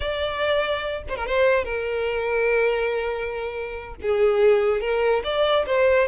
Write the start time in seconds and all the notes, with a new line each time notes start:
0.00 D5
1.08 C5
1.16 A#4
1.27 C5
1.64 A#4
4.02 G#4
4.80 A#4
5.23 D5
5.66 C5